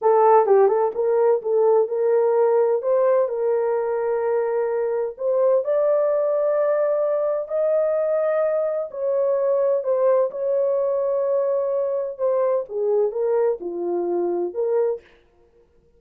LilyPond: \new Staff \with { instrumentName = "horn" } { \time 4/4 \tempo 4 = 128 a'4 g'8 a'8 ais'4 a'4 | ais'2 c''4 ais'4~ | ais'2. c''4 | d''1 |
dis''2. cis''4~ | cis''4 c''4 cis''2~ | cis''2 c''4 gis'4 | ais'4 f'2 ais'4 | }